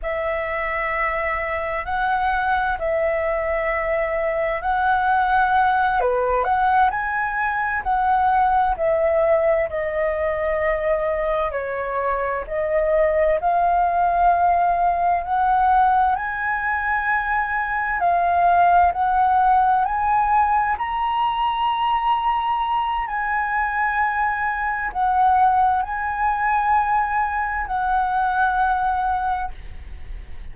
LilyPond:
\new Staff \with { instrumentName = "flute" } { \time 4/4 \tempo 4 = 65 e''2 fis''4 e''4~ | e''4 fis''4. b'8 fis''8 gis''8~ | gis''8 fis''4 e''4 dis''4.~ | dis''8 cis''4 dis''4 f''4.~ |
f''8 fis''4 gis''2 f''8~ | f''8 fis''4 gis''4 ais''4.~ | ais''4 gis''2 fis''4 | gis''2 fis''2 | }